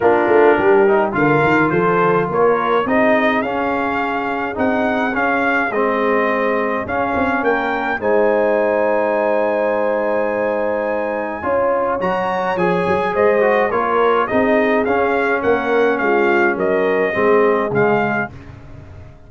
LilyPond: <<
  \new Staff \with { instrumentName = "trumpet" } { \time 4/4 \tempo 4 = 105 ais'2 f''4 c''4 | cis''4 dis''4 f''2 | fis''4 f''4 dis''2 | f''4 g''4 gis''2~ |
gis''1~ | gis''4 ais''4 gis''4 dis''4 | cis''4 dis''4 f''4 fis''4 | f''4 dis''2 f''4 | }
  \new Staff \with { instrumentName = "horn" } { \time 4/4 f'4 g'4 ais'4 a'4 | ais'4 gis'2.~ | gis'1~ | gis'4 ais'4 c''2~ |
c''1 | cis''2. c''4 | ais'4 gis'2 ais'4 | f'4 ais'4 gis'2 | }
  \new Staff \with { instrumentName = "trombone" } { \time 4/4 d'4. dis'8 f'2~ | f'4 dis'4 cis'2 | dis'4 cis'4 c'2 | cis'2 dis'2~ |
dis'1 | f'4 fis'4 gis'4. fis'8 | f'4 dis'4 cis'2~ | cis'2 c'4 gis4 | }
  \new Staff \with { instrumentName = "tuba" } { \time 4/4 ais8 a8 g4 d8 dis8 f4 | ais4 c'4 cis'2 | c'4 cis'4 gis2 | cis'8 c'8 ais4 gis2~ |
gis1 | cis'4 fis4 f8 fis8 gis4 | ais4 c'4 cis'4 ais4 | gis4 fis4 gis4 cis4 | }
>>